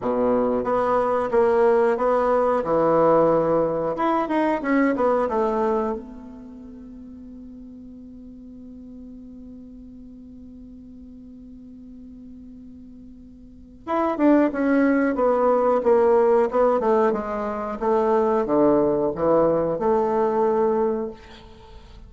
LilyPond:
\new Staff \with { instrumentName = "bassoon" } { \time 4/4 \tempo 4 = 91 b,4 b4 ais4 b4 | e2 e'8 dis'8 cis'8 b8 | a4 b2.~ | b1~ |
b1~ | b4 e'8 d'8 cis'4 b4 | ais4 b8 a8 gis4 a4 | d4 e4 a2 | }